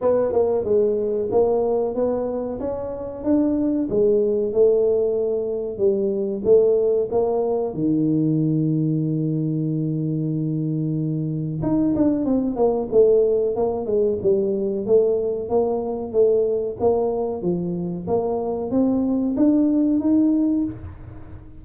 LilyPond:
\new Staff \with { instrumentName = "tuba" } { \time 4/4 \tempo 4 = 93 b8 ais8 gis4 ais4 b4 | cis'4 d'4 gis4 a4~ | a4 g4 a4 ais4 | dis1~ |
dis2 dis'8 d'8 c'8 ais8 | a4 ais8 gis8 g4 a4 | ais4 a4 ais4 f4 | ais4 c'4 d'4 dis'4 | }